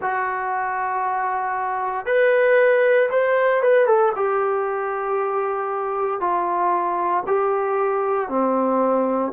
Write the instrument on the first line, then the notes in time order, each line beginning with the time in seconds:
trombone
0.01 F#4
2.05 B4
3.10 C5
3.62 B4
3.86 A4
4.15 G4
6.20 F4
7.26 G4
8.28 C4